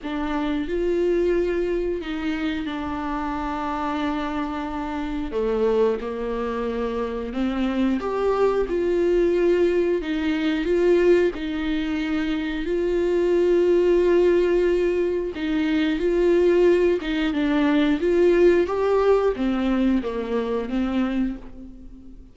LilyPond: \new Staff \with { instrumentName = "viola" } { \time 4/4 \tempo 4 = 90 d'4 f'2 dis'4 | d'1 | a4 ais2 c'4 | g'4 f'2 dis'4 |
f'4 dis'2 f'4~ | f'2. dis'4 | f'4. dis'8 d'4 f'4 | g'4 c'4 ais4 c'4 | }